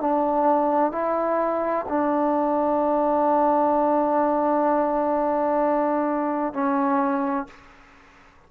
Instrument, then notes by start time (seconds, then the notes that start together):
trombone
0.00 D4
0.92 E4
1.88 D4
6.53 C#4